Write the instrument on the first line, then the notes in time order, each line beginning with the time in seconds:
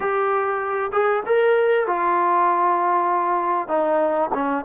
trombone
0.00 G4
0.92 G#4
1.26 A#4
1.87 F4
3.68 D#4
4.34 C#4